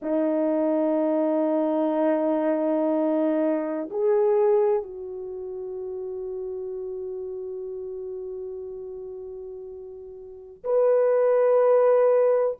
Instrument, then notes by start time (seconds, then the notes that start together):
horn
0.02 D#4
3.90 G#4
4.83 F#4
10.64 B4